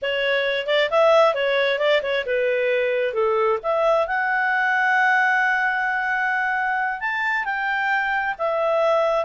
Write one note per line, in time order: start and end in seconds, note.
0.01 0.66 C#5
0.66 0.89 D5
0.90 1.34 E5
1.34 1.78 C#5
1.78 2.01 D5
2.02 2.24 C#5
2.26 3.13 B4
3.13 3.58 A4
3.62 4.07 E5
4.07 7.00 F#5
7.00 7.44 A5
7.44 8.35 G5
8.38 9.25 E5